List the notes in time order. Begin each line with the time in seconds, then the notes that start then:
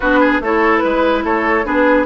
0.00 B3 D4 F#4 B4
0.20 G#4
0.40 A3 E4 A4 C#5
0.77 B4
0.84 G#3
1.23 A3 A4 C#5
1.65 B3 D4 G#4 B4